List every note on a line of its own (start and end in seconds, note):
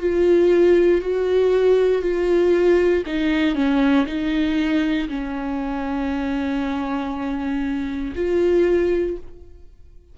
0.00 1.02 F4
1.02 2.02 F#4
2.02 3.03 F4
3.06 3.55 D#4
3.55 4.06 C#4
4.06 5.08 D#4
5.09 8.14 C#4
8.15 9.17 F4